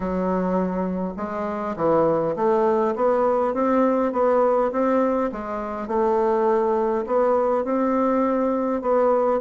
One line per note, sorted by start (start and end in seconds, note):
0.00 1.13 F#3
1.17 1.75 G#3
1.76 2.35 E3
2.36 2.94 A3
2.95 3.54 B3
3.54 4.12 C4
4.12 4.71 B3
4.72 5.30 C4
5.32 5.87 G#3
5.87 7.05 A3
7.06 7.64 B3
7.64 8.81 C4
8.81 9.40 B3